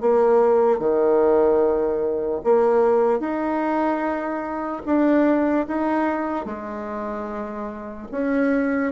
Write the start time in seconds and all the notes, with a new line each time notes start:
0.00 A#3
0.79 D#3
2.43 A#3
3.20 D#4
4.85 D4
5.67 D#4
6.45 G#3
8.11 C#4